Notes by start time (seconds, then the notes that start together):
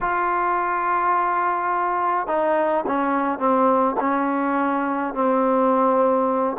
0.01 F4
2.27 D#4
2.86 C#4
3.38 C4
3.99 C#4
5.14 C4